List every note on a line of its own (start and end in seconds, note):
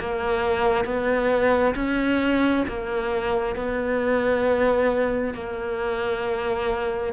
0.00 0.85 A#3
0.85 1.75 B3
1.75 2.65 C#4
2.68 3.56 A#3
3.56 5.34 B3
5.34 7.14 A#3